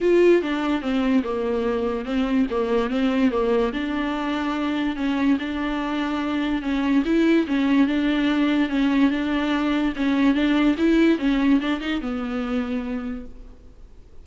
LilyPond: \new Staff \with { instrumentName = "viola" } { \time 4/4 \tempo 4 = 145 f'4 d'4 c'4 ais4~ | ais4 c'4 ais4 c'4 | ais4 d'2. | cis'4 d'2. |
cis'4 e'4 cis'4 d'4~ | d'4 cis'4 d'2 | cis'4 d'4 e'4 cis'4 | d'8 dis'8 b2. | }